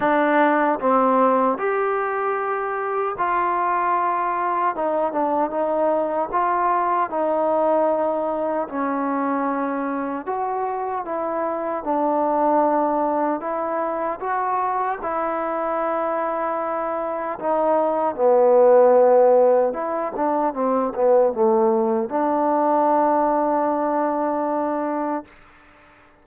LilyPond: \new Staff \with { instrumentName = "trombone" } { \time 4/4 \tempo 4 = 76 d'4 c'4 g'2 | f'2 dis'8 d'8 dis'4 | f'4 dis'2 cis'4~ | cis'4 fis'4 e'4 d'4~ |
d'4 e'4 fis'4 e'4~ | e'2 dis'4 b4~ | b4 e'8 d'8 c'8 b8 a4 | d'1 | }